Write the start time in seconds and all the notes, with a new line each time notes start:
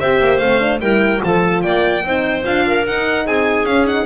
0.00 C4 G4 C5 E5
0.20 A#3
0.38 A3 C4 F5
0.60 D4
0.80 G3 E4 A#4 G5
1.21 F3 F4 A4 A5
1.62 A#3 D5 G5
2.04 C4 D#4 C5
2.44 D4 F4 F5
2.67 A#4
2.87 D#4 F#5
3.26 C4 G#4 G#5
3.65 C#4 F5
3.86 D#4 F#5